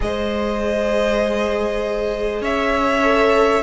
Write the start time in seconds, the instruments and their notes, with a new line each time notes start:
0.00 cello G#3, viola G#4, violin C5 D#5
2.41 cello C#4, violin C#5 E5
3.02 viola A4